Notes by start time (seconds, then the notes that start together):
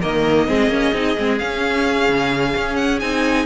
0.00 D#3 A#3 A#4 D#5
0.47 G#3 C4 G#4
0.68 A#3 C#4
0.93 C4 D#4
1.17 G#3 C4
1.38 C#4 F5
2.09 C#3
2.56 C#4
2.76 F#5
3.00 C4 D#4 G#5